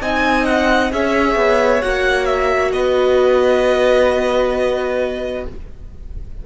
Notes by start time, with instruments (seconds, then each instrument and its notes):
0.00 cello C4, viola D#4, violin D#5 G#5
0.45 violin F#5
0.91 cello C#4, viola G#4, violin C#5 E5
1.35 cello B3
1.81 cello A#3, viola F#4, violin F#5
2.25 violin E5
2.72 cello B3, violin B4 D#5